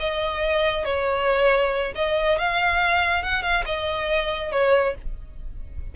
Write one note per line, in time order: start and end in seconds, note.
0.00 0.85 D#5
0.85 1.93 C#5
1.96 2.39 D#5
2.39 3.24 F5
3.24 3.43 F#5
3.43 3.64 F5
3.66 4.52 D#5
4.52 4.95 C#5